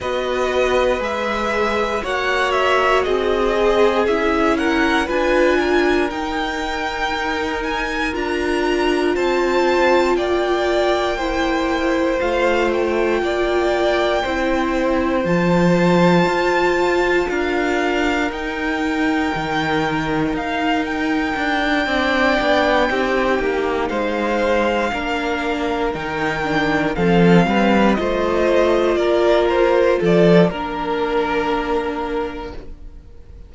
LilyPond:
<<
  \new Staff \with { instrumentName = "violin" } { \time 4/4 \tempo 4 = 59 dis''4 e''4 fis''8 e''8 dis''4 | e''8 fis''8 gis''4 g''4. gis''8 | ais''4 a''4 g''2 | f''8 g''2~ g''8 a''4~ |
a''4 f''4 g''2 | f''8 g''2. f''8~ | f''4. g''4 f''4 dis''8~ | dis''8 d''8 c''8 d''8 ais'2 | }
  \new Staff \with { instrumentName = "violin" } { \time 4/4 b'2 cis''4 gis'4~ | gis'8 ais'8 b'8 ais'2~ ais'8~ | ais'4 c''4 d''4 c''4~ | c''4 d''4 c''2~ |
c''4 ais'2.~ | ais'4. d''4 g'4 c''8~ | c''8 ais'2 a'8 b'8 c''8~ | c''8 ais'4 a'8 ais'2 | }
  \new Staff \with { instrumentName = "viola" } { \time 4/4 fis'4 gis'4 fis'4. gis'8 | e'4 f'4 dis'2 | f'2. e'4 | f'2 e'4 f'4~ |
f'2 dis'2~ | dis'4. d'4 dis'4.~ | dis'8 d'4 dis'8 d'8 c'4 f'8~ | f'2 d'2 | }
  \new Staff \with { instrumentName = "cello" } { \time 4/4 b4 gis4 ais4 c'4 | cis'4 d'4 dis'2 | d'4 c'4 ais2 | a4 ais4 c'4 f4 |
f'4 d'4 dis'4 dis4 | dis'4 d'8 c'8 b8 c'8 ais8 gis8~ | gis8 ais4 dis4 f8 g8 a8~ | a8 ais4 f8 ais2 | }
>>